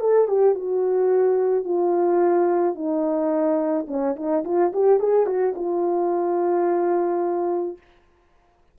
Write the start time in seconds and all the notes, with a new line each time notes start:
0.00 A4
0.27 G4
0.55 F#4
1.64 F4
2.75 D#4
3.88 C#4
4.16 D#4
4.44 F4
4.72 G4
4.99 G#4
5.26 F#4
5.55 F4